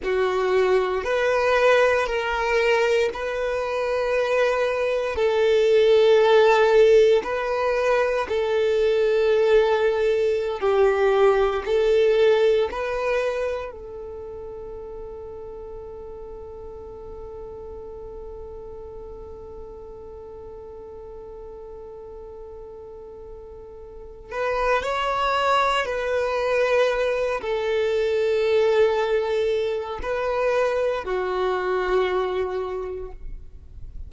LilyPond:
\new Staff \with { instrumentName = "violin" } { \time 4/4 \tempo 4 = 58 fis'4 b'4 ais'4 b'4~ | b'4 a'2 b'4 | a'2~ a'16 g'4 a'8.~ | a'16 b'4 a'2~ a'8.~ |
a'1~ | a'2.~ a'8 b'8 | cis''4 b'4. a'4.~ | a'4 b'4 fis'2 | }